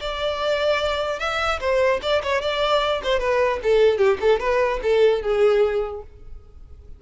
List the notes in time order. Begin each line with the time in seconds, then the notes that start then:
0.00 D5
1.19 E5
1.60 C5
2.02 D5
2.23 C#5
2.41 D5
3.03 C5
3.19 B4
3.63 A4
3.98 G4
4.20 A4
4.40 B4
4.82 A4
5.22 G#4